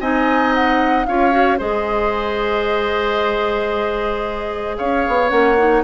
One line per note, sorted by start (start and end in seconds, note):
0.00 1.06 C4
0.00 1.07 D#4
0.00 1.06 D#5
0.00 0.53 G#5
0.54 1.06 F#5
1.06 1.60 C#4
1.06 1.31 F4
1.06 1.58 C#5
1.06 1.59 F5
1.31 1.58 F#4
1.58 4.79 G#3
1.58 5.29 G#4
1.58 4.76 C5
1.58 4.77 D#5
4.77 5.06 C#4
4.77 5.83 C#5
4.77 5.29 F5
5.08 5.31 B3
5.29 5.83 A#3
5.29 5.55 C#4
5.29 5.82 F#5
5.57 5.83 D#4